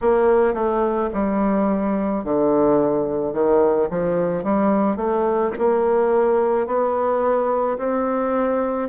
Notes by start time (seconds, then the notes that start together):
0.01 A#3
0.54 A3
1.13 G3
2.24 D3
3.33 D#3
3.89 F3
4.43 G3
4.96 A3
5.58 A#3
6.66 B3
7.78 C4